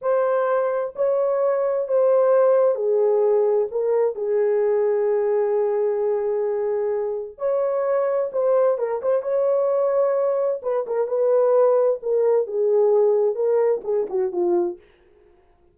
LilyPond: \new Staff \with { instrumentName = "horn" } { \time 4/4 \tempo 4 = 130 c''2 cis''2 | c''2 gis'2 | ais'4 gis'2.~ | gis'1 |
cis''2 c''4 ais'8 c''8 | cis''2. b'8 ais'8 | b'2 ais'4 gis'4~ | gis'4 ais'4 gis'8 fis'8 f'4 | }